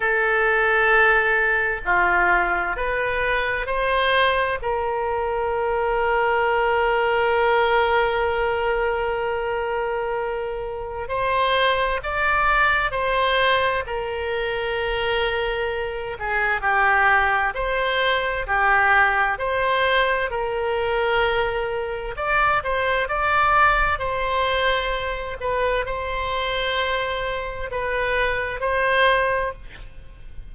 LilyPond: \new Staff \with { instrumentName = "oboe" } { \time 4/4 \tempo 4 = 65 a'2 f'4 b'4 | c''4 ais'2.~ | ais'1 | c''4 d''4 c''4 ais'4~ |
ais'4. gis'8 g'4 c''4 | g'4 c''4 ais'2 | d''8 c''8 d''4 c''4. b'8 | c''2 b'4 c''4 | }